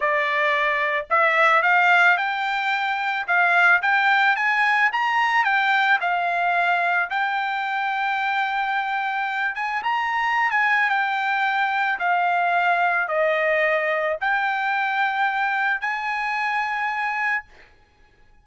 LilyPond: \new Staff \with { instrumentName = "trumpet" } { \time 4/4 \tempo 4 = 110 d''2 e''4 f''4 | g''2 f''4 g''4 | gis''4 ais''4 g''4 f''4~ | f''4 g''2.~ |
g''4. gis''8 ais''4~ ais''16 gis''8. | g''2 f''2 | dis''2 g''2~ | g''4 gis''2. | }